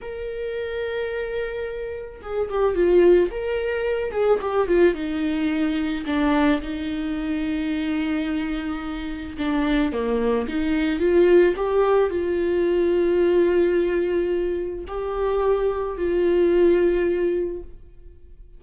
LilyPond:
\new Staff \with { instrumentName = "viola" } { \time 4/4 \tempo 4 = 109 ais'1 | gis'8 g'8 f'4 ais'4. gis'8 | g'8 f'8 dis'2 d'4 | dis'1~ |
dis'4 d'4 ais4 dis'4 | f'4 g'4 f'2~ | f'2. g'4~ | g'4 f'2. | }